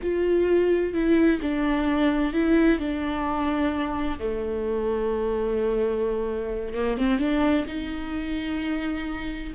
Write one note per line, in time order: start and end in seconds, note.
0.01 0.93 F4
0.93 1.40 E4
1.41 2.33 D4
2.33 2.79 E4
2.79 4.18 D4
4.19 6.74 A3
6.74 6.97 A#3
6.97 7.19 C4
7.19 7.65 D4
7.67 9.53 D#4